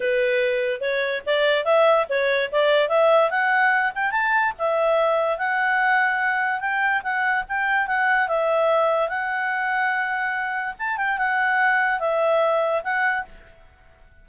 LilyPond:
\new Staff \with { instrumentName = "clarinet" } { \time 4/4 \tempo 4 = 145 b'2 cis''4 d''4 | e''4 cis''4 d''4 e''4 | fis''4. g''8 a''4 e''4~ | e''4 fis''2. |
g''4 fis''4 g''4 fis''4 | e''2 fis''2~ | fis''2 a''8 g''8 fis''4~ | fis''4 e''2 fis''4 | }